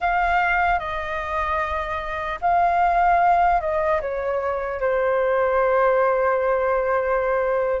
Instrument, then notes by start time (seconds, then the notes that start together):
flute
0.00 F5
0.79 D#5
2.41 F5
3.60 D#5
4.01 C#5
4.80 C5